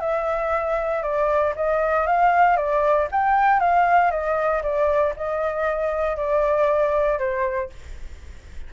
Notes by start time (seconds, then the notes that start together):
0.00 E5
1.02 D5
1.55 D#5
2.06 F5
2.56 D5
3.11 G5
3.59 F5
4.11 D#5
4.62 D5
5.16 D#5
6.16 D5
7.18 C5